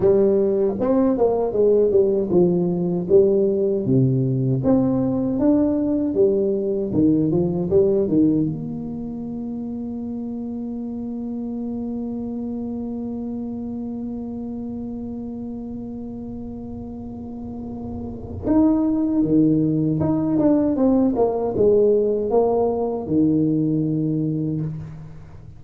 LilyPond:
\new Staff \with { instrumentName = "tuba" } { \time 4/4 \tempo 4 = 78 g4 c'8 ais8 gis8 g8 f4 | g4 c4 c'4 d'4 | g4 dis8 f8 g8 dis8 ais4~ | ais1~ |
ais1~ | ais1 | dis'4 dis4 dis'8 d'8 c'8 ais8 | gis4 ais4 dis2 | }